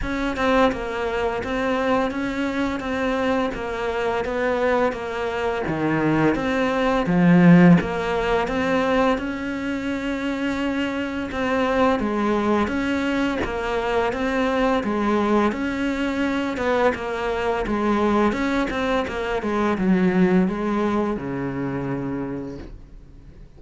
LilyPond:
\new Staff \with { instrumentName = "cello" } { \time 4/4 \tempo 4 = 85 cis'8 c'8 ais4 c'4 cis'4 | c'4 ais4 b4 ais4 | dis4 c'4 f4 ais4 | c'4 cis'2. |
c'4 gis4 cis'4 ais4 | c'4 gis4 cis'4. b8 | ais4 gis4 cis'8 c'8 ais8 gis8 | fis4 gis4 cis2 | }